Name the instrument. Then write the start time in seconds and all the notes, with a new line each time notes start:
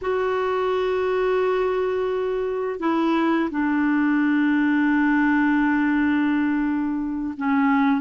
clarinet
0.01 F#4
2.79 E4
3.50 D4
7.37 C#4